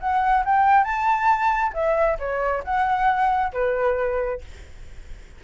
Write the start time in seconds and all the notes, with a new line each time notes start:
0.00 F#5
0.45 G5
0.84 A5
1.73 E5
2.19 C#5
2.64 F#5
3.53 B4